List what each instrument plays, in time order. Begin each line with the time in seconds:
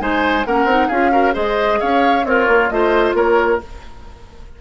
0.00 bassoon G#3, clarinet D#4, oboe C5, flute G#5
0.46 bassoon A#3, clarinet C#4, oboe A#4, flute F#5
0.65 bassoon C4, clarinet D#4
0.88 bassoon C#4, clarinet F4, oboe G#4, flute F5
1.12 clarinet F#4, oboe A#4
1.33 bassoon G#3, clarinet G#4, oboe C5, flute D#5
1.81 bassoon C#4, oboe C#5, flute F5
2.25 bassoon C4, oboe F4, clarinet A#4, flute C#5
2.48 bassoon A#3
2.70 bassoon A3, clarinet F4, oboe C5, flute D#5
3.14 bassoon A#3, oboe A#4, flute C#5